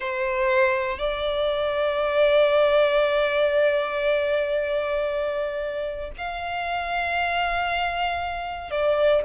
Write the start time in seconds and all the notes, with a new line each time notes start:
0.00 C5
0.98 D5
6.17 F5
8.70 D5